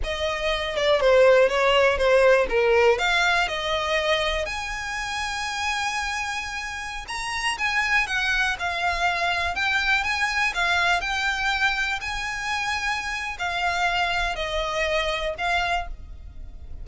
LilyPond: \new Staff \with { instrumentName = "violin" } { \time 4/4 \tempo 4 = 121 dis''4. d''8 c''4 cis''4 | c''4 ais'4 f''4 dis''4~ | dis''4 gis''2.~ | gis''2~ gis''16 ais''4 gis''8.~ |
gis''16 fis''4 f''2 g''8.~ | g''16 gis''4 f''4 g''4.~ g''16~ | g''16 gis''2~ gis''8. f''4~ | f''4 dis''2 f''4 | }